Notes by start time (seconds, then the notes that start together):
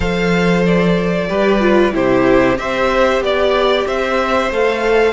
0.00 F3 A4 C5 F5
0.65 D5
1.28 G3 G4 B4
1.60 F4
1.92 C3 E4 G4 C5
2.56 C4 G4 C5 E5
3.20 B3 D5
3.86 C4 C5 E5
4.50 A3 A4 F5